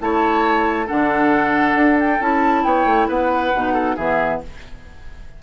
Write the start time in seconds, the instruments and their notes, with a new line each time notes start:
0.00 bassoon A3, clarinet E4, oboe C#5, flute A5
0.87 bassoon D3, clarinet D4, oboe A4, flute F#5
1.75 bassoon D4
2.00 flute G5
2.20 bassoon C#4, clarinet E4, flute A5
2.64 bassoon B3, oboe C#5, flute G5
2.86 bassoon A3
3.08 bassoon B3, oboe B4, flute F#5
3.55 bassoon B2, clarinet D#4
3.74 oboe A4
3.96 bassoon E3, clarinet B3, oboe G#4, flute E5